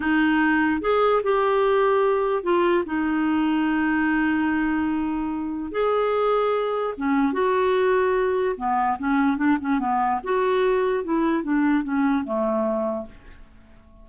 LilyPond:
\new Staff \with { instrumentName = "clarinet" } { \time 4/4 \tempo 4 = 147 dis'2 gis'4 g'4~ | g'2 f'4 dis'4~ | dis'1~ | dis'2 gis'2~ |
gis'4 cis'4 fis'2~ | fis'4 b4 cis'4 d'8 cis'8 | b4 fis'2 e'4 | d'4 cis'4 a2 | }